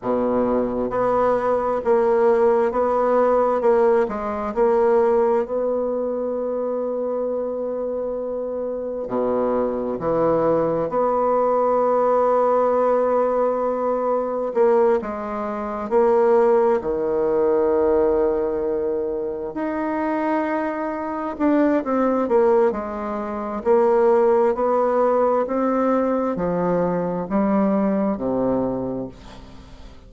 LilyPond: \new Staff \with { instrumentName = "bassoon" } { \time 4/4 \tempo 4 = 66 b,4 b4 ais4 b4 | ais8 gis8 ais4 b2~ | b2 b,4 e4 | b1 |
ais8 gis4 ais4 dis4.~ | dis4. dis'2 d'8 | c'8 ais8 gis4 ais4 b4 | c'4 f4 g4 c4 | }